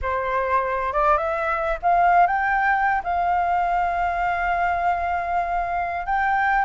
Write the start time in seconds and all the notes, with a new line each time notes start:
0.02 C5
0.93 D5
1.17 E5
1.82 F5
2.26 G5
3.03 F5
6.06 G5